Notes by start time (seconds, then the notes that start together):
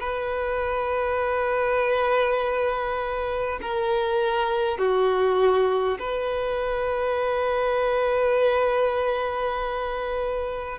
0.00 B4
3.62 A#4
4.79 F#4
5.99 B4